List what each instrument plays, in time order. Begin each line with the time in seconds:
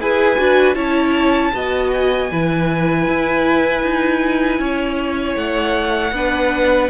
0.00 cello E4, viola G#4, violin B4 G#5
0.38 cello D4, viola F#4
0.75 cello C#4, viola E4, violin C#5 A5
1.54 cello B3, viola F#4, violin D#5
1.93 violin G#5
2.31 cello E3, viola E4, violin B4
3.07 cello E4
3.83 cello D#4
4.59 cello C#4, violin C#5
5.36 cello A3, violin F#5
6.12 cello B3, viola D4, violin B4